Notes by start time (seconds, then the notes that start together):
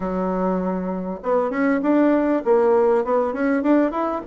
0.00 F#3
1.23 B3
1.50 C#4
1.82 D4
2.44 A#3
3.04 B3
3.33 C#4
3.62 D4
3.91 E4